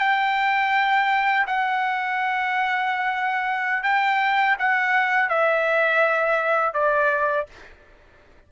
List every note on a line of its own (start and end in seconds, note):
0.00 1.46 G5
1.47 3.83 F#5
3.83 4.57 G5
4.59 5.29 F#5
5.29 6.74 E5
6.74 7.47 D5